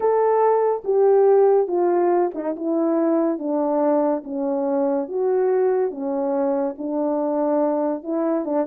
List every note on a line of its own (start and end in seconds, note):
0.00 0.83 A4
0.84 1.67 G4
1.67 2.31 F4
2.34 2.55 D#4
2.56 3.38 E4
3.38 4.23 D4
4.24 5.08 C#4
5.08 5.90 F#4
5.90 6.75 C#4
6.78 8.03 D4
8.03 8.45 E4
8.45 8.66 D4